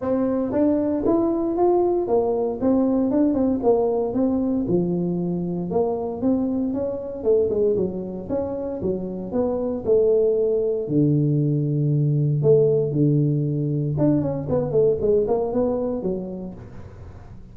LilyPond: \new Staff \with { instrumentName = "tuba" } { \time 4/4 \tempo 4 = 116 c'4 d'4 e'4 f'4 | ais4 c'4 d'8 c'8 ais4 | c'4 f2 ais4 | c'4 cis'4 a8 gis8 fis4 |
cis'4 fis4 b4 a4~ | a4 d2. | a4 d2 d'8 cis'8 | b8 a8 gis8 ais8 b4 fis4 | }